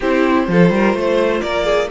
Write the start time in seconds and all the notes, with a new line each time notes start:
0.00 C4 E4 G4 C5
0.46 F3 F4 A4
0.70 G3 A#4
0.94 A3 C5
1.40 A#3 A#4 D5
1.65 G#4